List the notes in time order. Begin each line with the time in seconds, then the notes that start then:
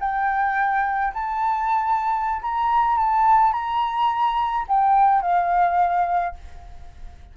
0.00 G5
1.13 A5
2.42 A#5
2.97 A5
3.52 A#5
4.68 G5
5.21 F5